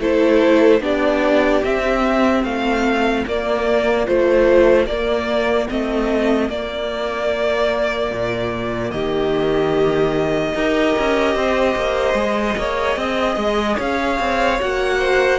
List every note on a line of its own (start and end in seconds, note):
0.00 0.80 A3
0.00 0.81 E4
0.00 0.82 A4
0.00 0.83 C5
0.80 1.61 B3
0.80 1.62 D4
0.80 2.44 G4
0.80 1.65 D5
1.65 2.44 C4
1.65 3.27 C4
1.65 2.44 E5
2.44 3.25 A3
2.44 8.93 F4
2.44 3.26 F5
3.27 4.08 A#3
3.27 4.06 A#3
3.27 4.07 D5
4.06 4.87 F3
4.06 4.87 A3
4.06 4.87 C5
4.87 5.68 A#3
4.87 5.69 A#3
4.87 5.68 D5
5.69 6.49 A3
5.69 6.50 C4
5.69 6.50 D#5
6.49 8.11 A#3
6.49 10.56 A#3
6.49 8.91 D5
8.11 8.92 A#2
8.91 10.55 D#3
8.91 10.55 G4
8.91 13.78 D#5
10.55 10.95 D#4
10.55 12.17 G4
10.55 11.36 A#4
10.99 11.35 C#4
11.35 11.76 C4
11.35 12.58 C5
11.76 12.14 A#3
12.14 12.55 G#3
12.14 14.60 G#4
12.58 12.96 A#3
12.58 12.98 C#5
12.96 13.37 C4
12.96 13.77 D#5
13.37 13.77 G#3
13.77 14.20 C#4
13.77 14.98 C#5
13.77 14.61 F5
14.20 14.60 C4
14.60 15.40 A#3
14.60 15.40 F#4
14.60 15.40 F#5
14.99 15.40 C5